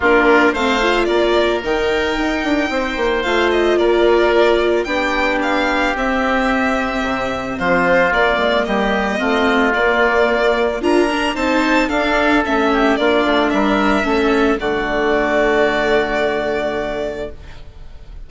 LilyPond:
<<
  \new Staff \with { instrumentName = "violin" } { \time 4/4 \tempo 4 = 111 ais'4 f''4 d''4 g''4~ | g''2 f''8 dis''8 d''4~ | d''4 g''4 f''4 e''4~ | e''2 c''4 d''4 |
dis''2 d''2 | ais''4 a''4 f''4 e''4 | d''4 e''2 d''4~ | d''1 | }
  \new Staff \with { instrumentName = "oboe" } { \time 4/4 f'4 c''4 ais'2~ | ais'4 c''2 ais'4~ | ais'4 g'2.~ | g'2 f'2 |
g'4 f'2. | ais'4 c''4 a'4. g'8 | f'4 ais'4 a'4 fis'4~ | fis'1 | }
  \new Staff \with { instrumentName = "viola" } { \time 4/4 d'4 c'8 f'4. dis'4~ | dis'2 f'2~ | f'4 d'2 c'4~ | c'2. ais4~ |
ais4 c'4 ais2 | f'8 d'8 dis'4 d'4 cis'4 | d'2 cis'4 a4~ | a1 | }
  \new Staff \with { instrumentName = "bassoon" } { \time 4/4 ais4 a4 ais4 dis4 | dis'8 d'8 c'8 ais8 a4 ais4~ | ais4 b2 c'4~ | c'4 c4 f4 ais8 gis8 |
g4 a4 ais2 | d'4 c'4 d'4 a4 | ais8 a8 g4 a4 d4~ | d1 | }
>>